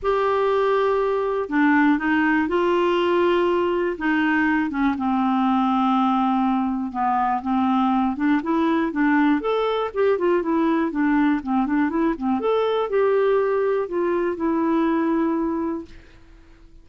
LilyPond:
\new Staff \with { instrumentName = "clarinet" } { \time 4/4 \tempo 4 = 121 g'2. d'4 | dis'4 f'2. | dis'4. cis'8 c'2~ | c'2 b4 c'4~ |
c'8 d'8 e'4 d'4 a'4 | g'8 f'8 e'4 d'4 c'8 d'8 | e'8 c'8 a'4 g'2 | f'4 e'2. | }